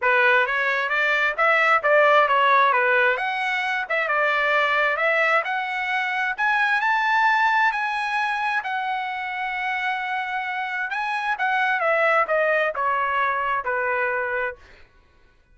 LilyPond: \new Staff \with { instrumentName = "trumpet" } { \time 4/4 \tempo 4 = 132 b'4 cis''4 d''4 e''4 | d''4 cis''4 b'4 fis''4~ | fis''8 e''8 d''2 e''4 | fis''2 gis''4 a''4~ |
a''4 gis''2 fis''4~ | fis''1 | gis''4 fis''4 e''4 dis''4 | cis''2 b'2 | }